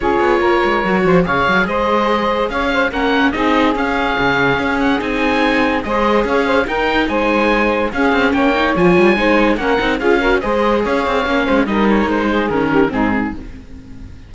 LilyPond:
<<
  \new Staff \with { instrumentName = "oboe" } { \time 4/4 \tempo 4 = 144 cis''2. f''4 | dis''2 f''4 fis''4 | dis''4 f''2~ f''8 fis''8 | gis''2 dis''4 f''4 |
g''4 gis''2 f''4 | g''4 gis''2 fis''4 | f''4 dis''4 f''2 | dis''8 cis''8 c''4 ais'4 gis'4 | }
  \new Staff \with { instrumentName = "saxophone" } { \time 4/4 gis'4 ais'4. c''8 cis''4 | c''2 cis''8 c''8 ais'4 | gis'1~ | gis'2 c''4 cis''8 c''8 |
ais'4 c''2 gis'4 | cis''2 c''4 ais'4 | gis'8 ais'8 c''4 cis''4. c''8 | ais'4. gis'4 g'8 dis'4 | }
  \new Staff \with { instrumentName = "viola" } { \time 4/4 f'2 fis'4 gis'4~ | gis'2. cis'4 | dis'4 cis'2. | dis'2 gis'2 |
dis'2. cis'4~ | cis'8 dis'8 f'4 dis'4 cis'8 dis'8 | f'8 fis'8 gis'2 cis'4 | dis'2 cis'4 c'4 | }
  \new Staff \with { instrumentName = "cello" } { \time 4/4 cis'8 b8 ais8 gis8 fis8 f8 cis8 fis8 | gis2 cis'4 ais4 | c'4 cis'4 cis4 cis'4 | c'2 gis4 cis'4 |
dis'4 gis2 cis'8 c'8 | ais4 f8 g8 gis4 ais8 c'8 | cis'4 gis4 cis'8 c'8 ais8 gis8 | g4 gis4 dis4 gis,4 | }
>>